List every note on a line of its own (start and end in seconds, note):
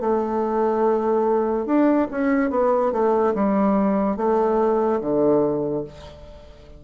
0.00 1.65 A3
1.65 2.07 D4
2.11 2.50 C#4
2.50 2.92 B3
2.92 3.33 A3
3.34 4.16 G3
4.16 5.00 A3
5.00 5.84 D3